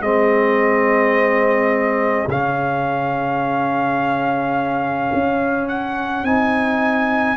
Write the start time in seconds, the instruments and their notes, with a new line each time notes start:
0.00 tuba G#3, trombone C4, horn G#4, trumpet D#5
2.27 tuba C#3, trombone C#4, trumpet F5
5.13 tuba C#4
5.68 trumpet F#5
6.23 tuba C4, trombone D#4, trumpet G#5